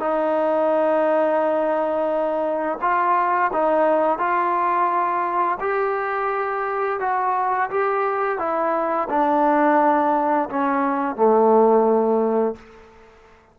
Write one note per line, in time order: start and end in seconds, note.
0.00 2.79 D#4
2.82 3.51 F4
3.53 4.19 D#4
4.19 5.58 F4
5.61 7.00 G4
7.00 7.70 F#4
7.70 8.39 G4
8.39 9.09 E4
9.10 10.49 D4
10.50 11.16 C#4
11.16 12.56 A3